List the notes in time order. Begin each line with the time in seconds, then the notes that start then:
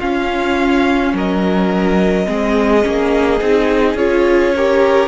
0.00 C#4 F4 F5
1.13 F#3 A#4 D#5
2.26 G#3 C4 G#4
2.82 A#3 C#4
3.41 C4 D#4
3.94 C#4 F4 C#5
4.55 G4 A#4